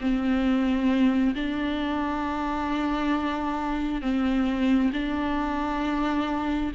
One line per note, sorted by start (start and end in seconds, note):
0.00 1.34 C4
1.35 4.01 D4
4.01 4.91 C4
4.93 6.72 D4